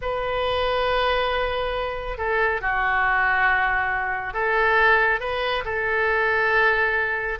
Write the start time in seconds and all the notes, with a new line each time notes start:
0.01 B4
2.17 A4
2.61 F#4
4.33 A4
5.20 B4
5.64 A4